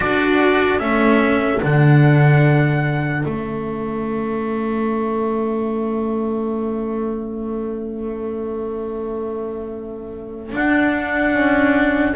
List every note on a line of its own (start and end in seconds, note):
0.00 0.80 D4
0.00 0.78 F#4
0.00 12.16 A4
0.00 0.79 D5
0.78 1.61 A3
0.78 1.59 C#4
0.78 1.60 E5
1.62 3.24 D3
1.62 3.24 D4
1.62 3.25 F#5
3.24 10.54 A3
3.24 10.52 C#4
3.24 10.54 E5
10.52 12.15 D4
10.52 11.33 D4
10.52 12.16 F#5
11.33 12.15 C#4